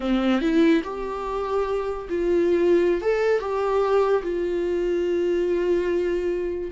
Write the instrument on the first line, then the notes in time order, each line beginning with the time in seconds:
viola
0.00 C4
0.41 E4
0.83 G4
2.09 F4
3.01 A4
3.39 G4
4.22 F4